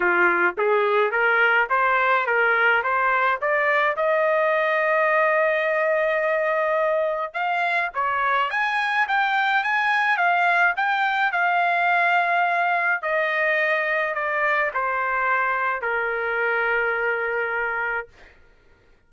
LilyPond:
\new Staff \with { instrumentName = "trumpet" } { \time 4/4 \tempo 4 = 106 f'4 gis'4 ais'4 c''4 | ais'4 c''4 d''4 dis''4~ | dis''1~ | dis''4 f''4 cis''4 gis''4 |
g''4 gis''4 f''4 g''4 | f''2. dis''4~ | dis''4 d''4 c''2 | ais'1 | }